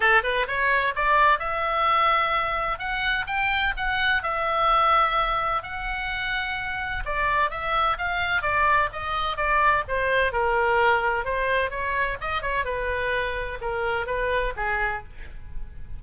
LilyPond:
\new Staff \with { instrumentName = "oboe" } { \time 4/4 \tempo 4 = 128 a'8 b'8 cis''4 d''4 e''4~ | e''2 fis''4 g''4 | fis''4 e''2. | fis''2. d''4 |
e''4 f''4 d''4 dis''4 | d''4 c''4 ais'2 | c''4 cis''4 dis''8 cis''8 b'4~ | b'4 ais'4 b'4 gis'4 | }